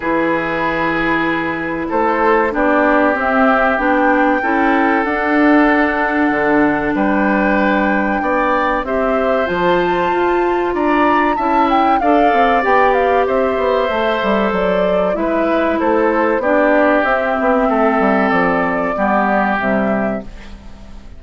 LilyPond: <<
  \new Staff \with { instrumentName = "flute" } { \time 4/4 \tempo 4 = 95 b'2. c''4 | d''4 e''4 g''2 | fis''2. g''4~ | g''2 e''4 a''4~ |
a''4 ais''4 a''8 g''8 f''4 | g''8 f''8 e''2 d''4 | e''4 c''4 d''4 e''4~ | e''4 d''2 e''4 | }
  \new Staff \with { instrumentName = "oboe" } { \time 4/4 gis'2. a'4 | g'2. a'4~ | a'2. b'4~ | b'4 d''4 c''2~ |
c''4 d''4 e''4 d''4~ | d''4 c''2. | b'4 a'4 g'2 | a'2 g'2 | }
  \new Staff \with { instrumentName = "clarinet" } { \time 4/4 e'1 | d'4 c'4 d'4 e'4 | d'1~ | d'2 g'4 f'4~ |
f'2 e'4 a'4 | g'2 a'2 | e'2 d'4 c'4~ | c'2 b4 g4 | }
  \new Staff \with { instrumentName = "bassoon" } { \time 4/4 e2. a4 | b4 c'4 b4 cis'4 | d'2 d4 g4~ | g4 b4 c'4 f4 |
f'4 d'4 cis'4 d'8 c'8 | b4 c'8 b8 a8 g8 fis4 | gis4 a4 b4 c'8 b8 | a8 g8 f4 g4 c4 | }
>>